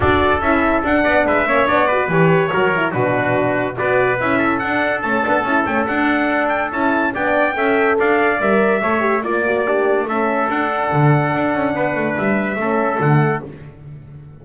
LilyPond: <<
  \new Staff \with { instrumentName = "trumpet" } { \time 4/4 \tempo 4 = 143 d''4 e''4 fis''4 e''4 | d''4 cis''2 b'4~ | b'4 d''4 e''4 fis''4 | a''4. g''8 fis''4. g''8 |
a''4 g''2 f''4 | e''2 d''2 | e''4 fis''2.~ | fis''4 e''2 fis''4 | }
  \new Staff \with { instrumentName = "trumpet" } { \time 4/4 a'2~ a'8 d''8 b'8 cis''8~ | cis''8 b'4. ais'4 fis'4~ | fis'4 b'4. a'4.~ | a'1~ |
a'4 d''4 e''4 d''4~ | d''4 cis''4 d''4 d'4 | a'1 | b'2 a'2 | }
  \new Staff \with { instrumentName = "horn" } { \time 4/4 fis'4 e'4 d'4. cis'8 | d'8 fis'8 g'4 fis'8 e'8 d'4~ | d'4 fis'4 e'4 d'4 | cis'8 d'8 e'8 cis'8 d'2 |
e'4 d'4 a'2 | ais'4 a'8 g'8 f'8 fis'8 g'4 | cis'4 d'2.~ | d'2 cis'4 a4 | }
  \new Staff \with { instrumentName = "double bass" } { \time 4/4 d'4 cis'4 d'8 b8 gis8 ais8 | b4 e4 fis4 b,4~ | b,4 b4 cis'4 d'4 | a8 b8 cis'8 a8 d'2 |
cis'4 b4 cis'4 d'4 | g4 a4 ais2 | a4 d'4 d4 d'8 cis'8 | b8 a8 g4 a4 d4 | }
>>